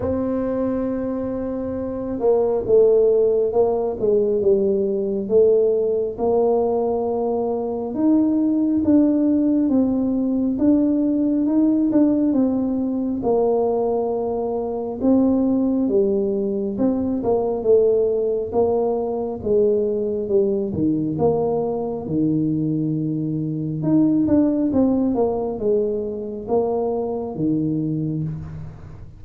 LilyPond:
\new Staff \with { instrumentName = "tuba" } { \time 4/4 \tempo 4 = 68 c'2~ c'8 ais8 a4 | ais8 gis8 g4 a4 ais4~ | ais4 dis'4 d'4 c'4 | d'4 dis'8 d'8 c'4 ais4~ |
ais4 c'4 g4 c'8 ais8 | a4 ais4 gis4 g8 dis8 | ais4 dis2 dis'8 d'8 | c'8 ais8 gis4 ais4 dis4 | }